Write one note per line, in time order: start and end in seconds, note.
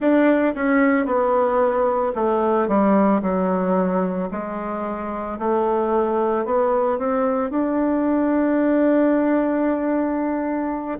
0.00 0.54 D4
0.55 1.05 C#4
1.05 2.12 B3
2.15 2.68 A3
2.68 3.21 G3
3.21 4.29 F#3
4.31 5.38 G#3
5.39 6.45 A3
6.45 6.98 B3
6.98 7.50 C4
7.50 10.98 D4